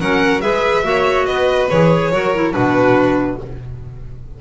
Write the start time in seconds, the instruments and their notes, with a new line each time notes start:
0.00 double bass F#3, clarinet C#4, violin A#4 F#5
0.41 double bass G#3, clarinet G#4, violin B4 E5
0.83 double bass A#3, clarinet F#4, violin C#5
1.26 double bass B3, violin B4 D#5
1.69 double bass E3, clarinet G#4, violin C#5
2.12 double bass F#3, clarinet F#4, violin A#4
2.34 clarinet E4
2.52 double bass B2, clarinet D4, violin F#4 B4